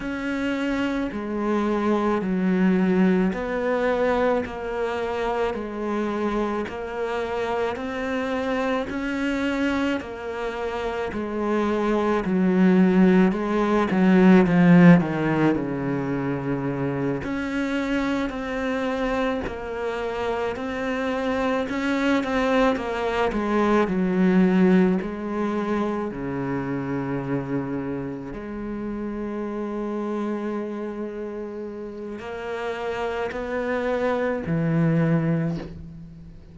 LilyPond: \new Staff \with { instrumentName = "cello" } { \time 4/4 \tempo 4 = 54 cis'4 gis4 fis4 b4 | ais4 gis4 ais4 c'4 | cis'4 ais4 gis4 fis4 | gis8 fis8 f8 dis8 cis4. cis'8~ |
cis'8 c'4 ais4 c'4 cis'8 | c'8 ais8 gis8 fis4 gis4 cis8~ | cis4. gis2~ gis8~ | gis4 ais4 b4 e4 | }